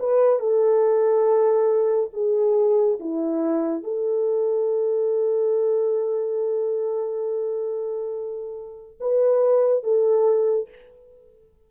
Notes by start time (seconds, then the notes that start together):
0.00 B4
0.40 A4
2.14 G#4
3.00 E4
3.84 A4
9.00 B4
9.84 A4